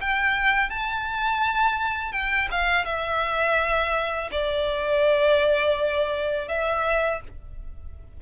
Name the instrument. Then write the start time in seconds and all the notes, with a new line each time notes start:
violin
0.00 G5
0.70 A5
2.12 G5
2.51 F5
2.85 E5
4.31 D5
6.48 E5